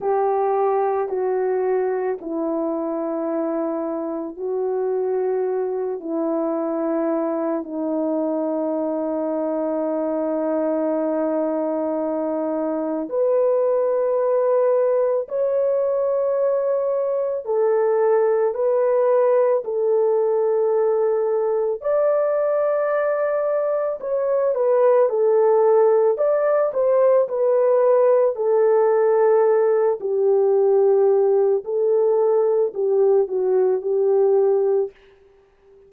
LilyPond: \new Staff \with { instrumentName = "horn" } { \time 4/4 \tempo 4 = 55 g'4 fis'4 e'2 | fis'4. e'4. dis'4~ | dis'1 | b'2 cis''2 |
a'4 b'4 a'2 | d''2 cis''8 b'8 a'4 | d''8 c''8 b'4 a'4. g'8~ | g'4 a'4 g'8 fis'8 g'4 | }